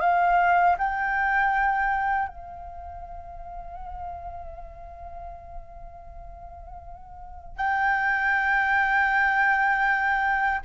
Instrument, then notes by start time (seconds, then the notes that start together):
flute
0.00 F5
0.78 G5
2.28 F5
7.56 G5